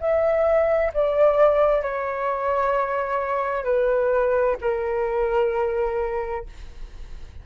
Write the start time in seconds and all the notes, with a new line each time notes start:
0.00 E5
0.94 D5
1.82 C#5
3.64 B4
4.62 A#4